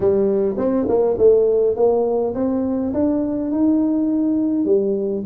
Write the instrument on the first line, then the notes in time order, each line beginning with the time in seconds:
tuba
0.00 G3
0.57 C4
0.88 A#3
1.18 A3
1.76 A#3
2.34 C4
2.93 D4
3.51 D#4
4.65 G3